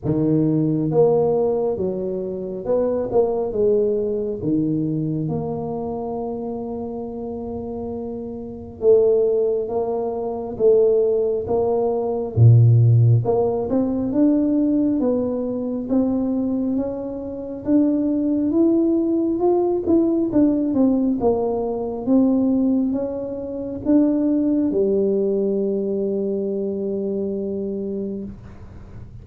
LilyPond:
\new Staff \with { instrumentName = "tuba" } { \time 4/4 \tempo 4 = 68 dis4 ais4 fis4 b8 ais8 | gis4 dis4 ais2~ | ais2 a4 ais4 | a4 ais4 ais,4 ais8 c'8 |
d'4 b4 c'4 cis'4 | d'4 e'4 f'8 e'8 d'8 c'8 | ais4 c'4 cis'4 d'4 | g1 | }